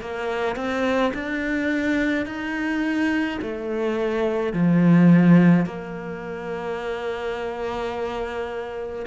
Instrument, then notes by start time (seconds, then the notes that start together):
cello
0.00 A#3
0.56 C4
1.14 D4
2.25 D#4
3.42 A3
4.53 F3
5.66 A#3